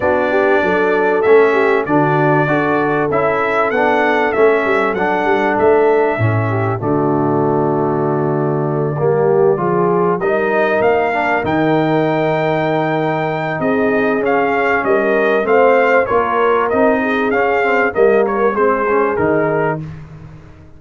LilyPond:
<<
  \new Staff \with { instrumentName = "trumpet" } { \time 4/4 \tempo 4 = 97 d''2 e''4 d''4~ | d''4 e''4 fis''4 e''4 | fis''4 e''2 d''4~ | d''1~ |
d''8 dis''4 f''4 g''4.~ | g''2 dis''4 f''4 | dis''4 f''4 cis''4 dis''4 | f''4 dis''8 cis''8 c''4 ais'4 | }
  \new Staff \with { instrumentName = "horn" } { \time 4/4 fis'8 g'8 a'4. g'8 fis'4 | a'1~ | a'2~ a'8 g'8 fis'4~ | fis'2~ fis'8 g'4 gis'8~ |
gis'8 ais'2.~ ais'8~ | ais'2 gis'2 | ais'4 c''4 ais'4. gis'8~ | gis'4 ais'4 gis'2 | }
  \new Staff \with { instrumentName = "trombone" } { \time 4/4 d'2 cis'4 d'4 | fis'4 e'4 d'4 cis'4 | d'2 cis'4 a4~ | a2~ a8 ais4 f'8~ |
f'8 dis'4. d'8 dis'4.~ | dis'2. cis'4~ | cis'4 c'4 f'4 dis'4 | cis'8 c'8 ais4 c'8 cis'8 dis'4 | }
  \new Staff \with { instrumentName = "tuba" } { \time 4/4 b4 fis4 a4 d4 | d'4 cis'4 b4 a8 g8 | fis8 g8 a4 a,4 d4~ | d2~ d8 g4 f8~ |
f8 g4 ais4 dis4.~ | dis2 c'4 cis'4 | g4 a4 ais4 c'4 | cis'4 g4 gis4 dis4 | }
>>